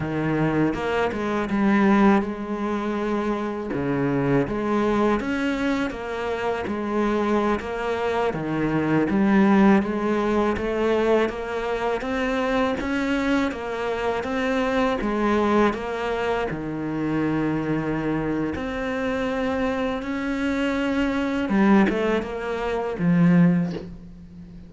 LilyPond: \new Staff \with { instrumentName = "cello" } { \time 4/4 \tempo 4 = 81 dis4 ais8 gis8 g4 gis4~ | gis4 cis4 gis4 cis'4 | ais4 gis4~ gis16 ais4 dis8.~ | dis16 g4 gis4 a4 ais8.~ |
ais16 c'4 cis'4 ais4 c'8.~ | c'16 gis4 ais4 dis4.~ dis16~ | dis4 c'2 cis'4~ | cis'4 g8 a8 ais4 f4 | }